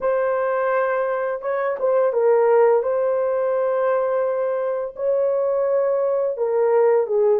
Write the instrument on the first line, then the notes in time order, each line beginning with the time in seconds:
horn
0.01 C5
1.41 C#5
1.79 C5
2.12 A#4
2.82 C5
4.95 C#5
6.37 A#4
7.07 G#4